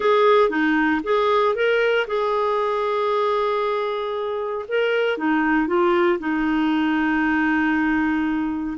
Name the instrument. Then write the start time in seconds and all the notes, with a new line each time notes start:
clarinet
0.00 G#4
0.49 D#4
1.03 G#4
1.55 A#4
2.07 G#4
4.68 A#4
5.17 D#4
5.67 F4
6.19 D#4